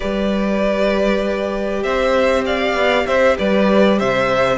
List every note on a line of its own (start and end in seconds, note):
0.00 1.84 G3
0.00 4.58 G4
0.00 1.83 B4
0.00 1.83 D5
1.83 2.74 C4
1.83 2.44 C5
1.83 2.44 E5
2.45 3.06 D5
2.45 3.06 F5
2.74 3.05 B3
3.06 3.37 C4
3.06 3.37 C5
3.06 3.36 E5
3.37 4.00 G3
3.37 3.98 B4
3.37 3.99 D5
3.98 4.58 C3
3.98 4.58 C5
3.98 4.58 E5